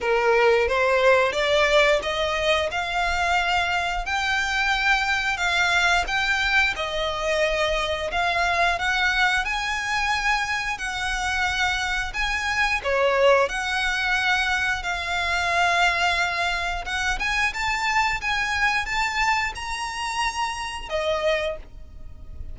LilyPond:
\new Staff \with { instrumentName = "violin" } { \time 4/4 \tempo 4 = 89 ais'4 c''4 d''4 dis''4 | f''2 g''2 | f''4 g''4 dis''2 | f''4 fis''4 gis''2 |
fis''2 gis''4 cis''4 | fis''2 f''2~ | f''4 fis''8 gis''8 a''4 gis''4 | a''4 ais''2 dis''4 | }